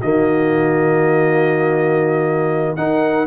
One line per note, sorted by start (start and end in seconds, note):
0.00 2.77 D#3
0.00 2.77 A#3
0.00 2.77 F#4
0.00 2.76 D#5
2.76 3.27 D#4
2.76 3.27 A#4
2.76 3.27 F#5